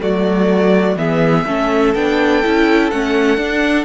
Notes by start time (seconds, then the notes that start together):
0.00 F#3 A3 F#4 D5
0.96 E3 B3 G#4 E5
1.46 A3 C#4 A4
1.94 B3 D4 G5
2.44 C#4 E4
2.91 A3 C#4 F#5
3.37 D4